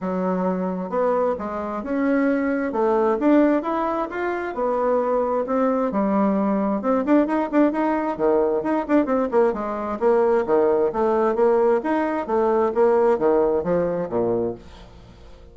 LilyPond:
\new Staff \with { instrumentName = "bassoon" } { \time 4/4 \tempo 4 = 132 fis2 b4 gis4 | cis'2 a4 d'4 | e'4 f'4 b2 | c'4 g2 c'8 d'8 |
dis'8 d'8 dis'4 dis4 dis'8 d'8 | c'8 ais8 gis4 ais4 dis4 | a4 ais4 dis'4 a4 | ais4 dis4 f4 ais,4 | }